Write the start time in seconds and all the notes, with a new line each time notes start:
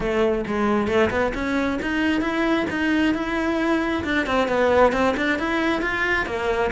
0.00 A3
0.46 G#3
0.87 A3
1.10 B3
1.34 C#4
1.82 D#4
2.21 E4
2.70 D#4
3.14 E4
4.04 D4
4.26 C4
4.48 B3
4.92 C4
5.16 D4
5.38 E4
5.81 F4
6.26 A#3